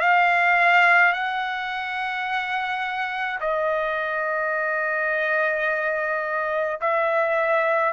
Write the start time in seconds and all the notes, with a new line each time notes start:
0.00 F5
1.13 F#5
3.41 D#5
6.81 E5